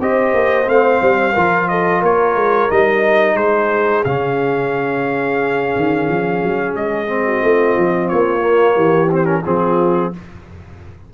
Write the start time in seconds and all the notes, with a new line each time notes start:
0.00 C4 G4 C5 D#5
0.34 A#3
0.66 A3 C4 F5
1.02 G3
1.34 F3 F4 A#4
1.69 A4 D#5
2.01 A#3 A#4 C#5
2.36 G#3
2.70 G3 D#4 D#5
3.35 G#3 G#4 C5
4.05 C#3 C#4 F5
5.77 D#3
6.09 F3
6.44 F#3
6.75 G#3 D#5
7.07 C4
7.25 F#4
7.43 A3 F4
7.78 F3
8.09 A#3 C#5
8.40 A#3
8.75 E3 G4
9.11 C4 C5
9.25 C#4 A#4
9.45 F3 C4 F4 G#4